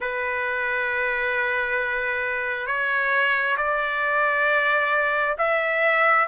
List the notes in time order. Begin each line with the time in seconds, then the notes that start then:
0.00 B4
2.66 C#5
3.57 D5
5.37 E5